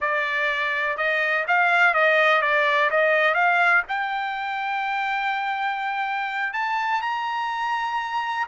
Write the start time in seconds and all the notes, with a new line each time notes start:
0.00 D5
0.97 D#5
1.47 F5
1.94 D#5
2.41 D5
2.90 D#5
3.34 F5
3.88 G5
6.53 A5
7.01 A#5